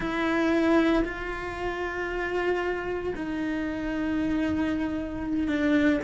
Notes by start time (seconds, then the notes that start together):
0.00 E4
1.05 F4
3.15 D#4
5.47 D4